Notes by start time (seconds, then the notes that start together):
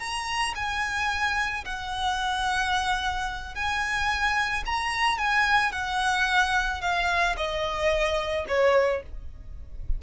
0.00 A#5
0.56 G#5
1.65 F#5
3.55 G#5
4.66 A#5
5.18 G#5
5.72 F#5
6.82 F5
7.37 D#5
8.48 C#5